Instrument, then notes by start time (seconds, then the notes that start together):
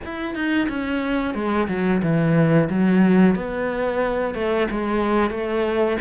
cello
0.05 E4
0.34 D#4
0.68 C#4
1.34 G#3
1.68 F#3
2.02 E3
2.69 F#3
3.35 B3
4.34 A3
4.70 G#3
5.30 A3